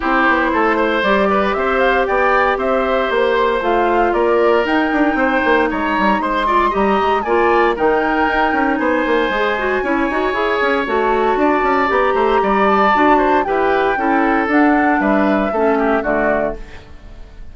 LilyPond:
<<
  \new Staff \with { instrumentName = "flute" } { \time 4/4 \tempo 4 = 116 c''2 d''4 e''8 f''8 | g''4 e''4 c''4 f''4 | d''4 g''2 ais''4 | c'''4 ais''4 gis''4 g''4~ |
g''4 gis''2.~ | gis''4 a''2 ais''4~ | ais''8 a''4. g''2 | fis''4 e''2 d''4 | }
  \new Staff \with { instrumentName = "oboe" } { \time 4/4 g'4 a'8 c''4 b'8 c''4 | d''4 c''2. | ais'2 c''4 cis''4 | c''8 d''8 dis''4 d''4 ais'4~ |
ais'4 c''2 cis''4~ | cis''2 d''4. c''8 | d''4. c''8 b'4 a'4~ | a'4 b'4 a'8 g'8 fis'4 | }
  \new Staff \with { instrumentName = "clarinet" } { \time 4/4 e'2 g'2~ | g'2. f'4~ | f'4 dis'2.~ | dis'8 f'8 g'4 f'4 dis'4~ |
dis'2 gis'8 fis'8 e'8 fis'8 | gis'4 fis'2 g'4~ | g'4 fis'4 g'4 e'4 | d'2 cis'4 a4 | }
  \new Staff \with { instrumentName = "bassoon" } { \time 4/4 c'8 b8 a4 g4 c'4 | b4 c'4 ais4 a4 | ais4 dis'8 d'8 c'8 ais8 gis8 g8 | gis4 g8 gis8 ais4 dis4 |
dis'8 cis'8 b8 ais8 gis4 cis'8 dis'8 | e'8 cis'8 a4 d'8 cis'8 b8 a8 | g4 d'4 e'4 cis'4 | d'4 g4 a4 d4 | }
>>